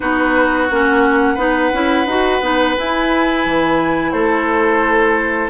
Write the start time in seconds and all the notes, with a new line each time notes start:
0.00 B3 D#4 F#4 B4
0.70 A#3 C#4 F#5
1.34 B3 D#4 B4
1.72 C#4 E4
2.05 D#4 F#4
2.41 B3 D#4
2.77 E4 G#5
3.45 E3
4.11 A3 A4 C5